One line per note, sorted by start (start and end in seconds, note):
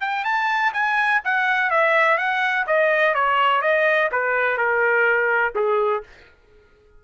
0.00 0.24 G5
0.24 0.72 A5
0.73 1.21 G#5
1.24 1.70 F#5
1.70 2.17 E5
2.17 2.65 F#5
2.67 3.14 D#5
3.14 3.62 C#5
3.62 4.10 D#5
4.11 4.58 B4
4.58 5.54 A#4
5.55 6.03 G#4